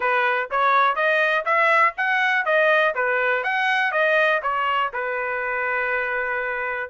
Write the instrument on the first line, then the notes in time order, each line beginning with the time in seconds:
trumpet
0.00 B4
0.51 C#5
0.95 D#5
1.45 E5
1.97 F#5
2.45 D#5
2.94 B4
3.43 F#5
3.91 D#5
4.42 C#5
4.93 B4